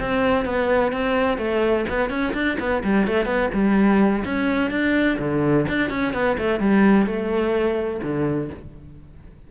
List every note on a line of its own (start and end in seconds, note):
0.00 0.45 C4
0.45 0.92 B3
0.92 1.38 C4
1.38 1.85 A3
1.89 2.10 B3
2.10 2.34 C#4
2.34 2.58 D4
2.59 2.83 B3
2.84 3.07 G3
3.07 3.26 A3
3.26 3.49 B3
3.53 4.24 G3
4.25 4.71 C#4
4.71 5.18 D4
5.19 5.66 D3
5.68 5.90 D4
5.90 6.13 C#4
6.13 6.37 B3
6.38 6.60 A3
6.60 7.06 G3
7.06 8.01 A3
8.03 8.50 D3